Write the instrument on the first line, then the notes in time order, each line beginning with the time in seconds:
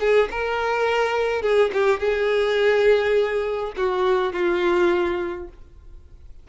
violin
0.00 G#4
0.31 A#4
1.42 G#4
1.73 G4
2.00 G#4
3.77 F#4
4.33 F4